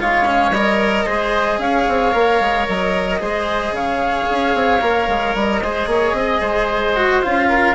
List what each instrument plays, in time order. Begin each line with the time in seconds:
0.00 bassoon G#3, cello F4, oboe C#5, flute F5
0.25 cello C#4
0.51 bassoon G3, cello A#4, flute D#5
1.05 bassoon G#3, cello G#4, oboe C5
1.58 bassoon C#4, oboe C#5, flute F5
1.88 bassoon C4
2.12 bassoon A#3, cello A#4
2.40 bassoon G#3
2.68 bassoon F#3, flute D#5
3.19 bassoon G#3, cello G#4, oboe C5
3.71 bassoon C#3, oboe C#5, flute F5
4.30 bassoon C#4
4.54 bassoon C4
4.81 bassoon A#3, cello A#4
5.08 bassoon G#3
5.35 bassoon G3, flute D#5
5.61 bassoon G#3, cello G#4, oboe C5
5.86 bassoon A#3, oboe C#5
6.13 bassoon C4, oboe D#5
6.41 bassoon G#3, oboe C5
6.96 cello F#4
7.22 bassoon C#4, cello F4, flute F5
7.49 oboe A#4